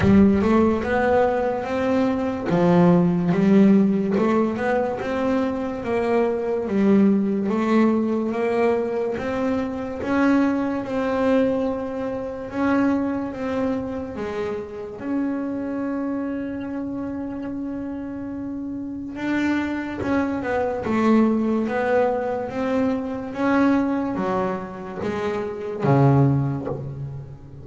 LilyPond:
\new Staff \with { instrumentName = "double bass" } { \time 4/4 \tempo 4 = 72 g8 a8 b4 c'4 f4 | g4 a8 b8 c'4 ais4 | g4 a4 ais4 c'4 | cis'4 c'2 cis'4 |
c'4 gis4 cis'2~ | cis'2. d'4 | cis'8 b8 a4 b4 c'4 | cis'4 fis4 gis4 cis4 | }